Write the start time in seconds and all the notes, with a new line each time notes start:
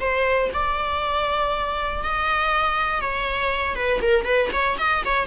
0.00 C5
0.53 D5
2.03 D#5
3.01 C#5
3.75 B4
4.01 A#4
4.24 B4
4.52 C#5
4.78 D#5
5.05 C#5